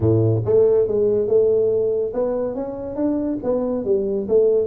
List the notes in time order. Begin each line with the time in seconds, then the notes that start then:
0.00 A2
0.45 A3
0.87 G#3
1.27 A3
2.13 B3
2.54 C#4
2.95 D4
3.43 B3
3.85 G3
4.28 A3